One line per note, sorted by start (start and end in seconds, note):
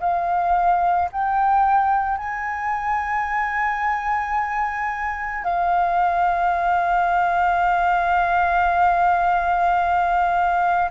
0.00 1.09 F5
1.12 2.18 G5
2.18 5.43 G#5
5.43 10.89 F5